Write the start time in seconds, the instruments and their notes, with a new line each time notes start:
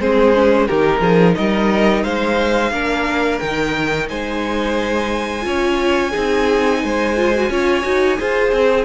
0.00 cello G#3, viola C4, violin G#4 C5
0.35 viola C#4
0.67 cello D#3, viola D#4, violin G4 A#4
1.00 cello F3, violin G#4
1.36 cello G3, violin A#4 D#5
2.03 cello G#3, violin C5 F5
2.71 cello A#3, viola D4, violin A#4
3.39 cello D#3, viola D#4, violin G5
4.09 cello G#3, violin C5 G#5
5.42 cello C#4, viola F4, violin C#5
6.11 cello C4, viola D#4, violin G#4
6.84 cello G#3, violin C5
7.16 viola F4
7.35 viola F#4
7.50 cello C#4, viola F4, violin C#5
7.83 cello D#4, viola F#4
8.17 cello F4, viola G#4, violin C5
8.52 cello C4